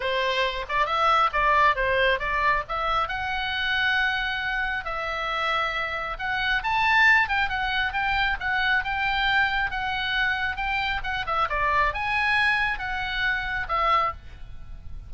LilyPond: \new Staff \with { instrumentName = "oboe" } { \time 4/4 \tempo 4 = 136 c''4. d''8 e''4 d''4 | c''4 d''4 e''4 fis''4~ | fis''2. e''4~ | e''2 fis''4 a''4~ |
a''8 g''8 fis''4 g''4 fis''4 | g''2 fis''2 | g''4 fis''8 e''8 d''4 gis''4~ | gis''4 fis''2 e''4 | }